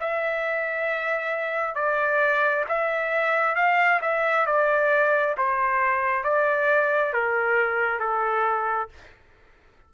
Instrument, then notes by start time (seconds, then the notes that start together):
trumpet
0.00 E5
1.75 D5
2.69 E5
3.55 F5
4.01 E5
4.46 D5
5.37 C5
6.24 D5
7.13 A#4
7.99 A4